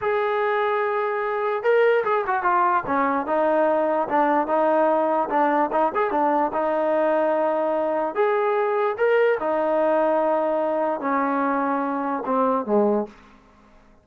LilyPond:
\new Staff \with { instrumentName = "trombone" } { \time 4/4 \tempo 4 = 147 gis'1 | ais'4 gis'8 fis'8 f'4 cis'4 | dis'2 d'4 dis'4~ | dis'4 d'4 dis'8 gis'8 d'4 |
dis'1 | gis'2 ais'4 dis'4~ | dis'2. cis'4~ | cis'2 c'4 gis4 | }